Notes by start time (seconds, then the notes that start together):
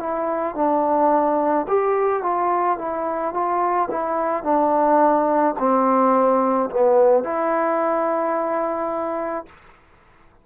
0.00 E4
0.55 D4
1.68 G4
2.23 F4
2.78 E4
3.34 F4
3.90 E4
4.43 D4
5.59 C4
6.70 B3
7.24 E4